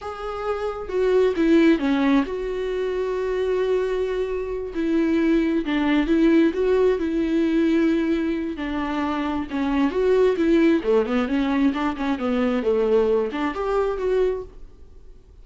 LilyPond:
\new Staff \with { instrumentName = "viola" } { \time 4/4 \tempo 4 = 133 gis'2 fis'4 e'4 | cis'4 fis'2.~ | fis'2~ fis'8 e'4.~ | e'8 d'4 e'4 fis'4 e'8~ |
e'2. d'4~ | d'4 cis'4 fis'4 e'4 | a8 b8 cis'4 d'8 cis'8 b4 | a4. d'8 g'4 fis'4 | }